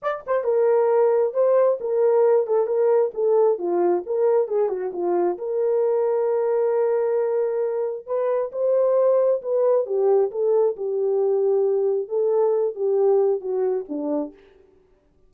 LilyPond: \new Staff \with { instrumentName = "horn" } { \time 4/4 \tempo 4 = 134 d''8 c''8 ais'2 c''4 | ais'4. a'8 ais'4 a'4 | f'4 ais'4 gis'8 fis'8 f'4 | ais'1~ |
ais'2 b'4 c''4~ | c''4 b'4 g'4 a'4 | g'2. a'4~ | a'8 g'4. fis'4 d'4 | }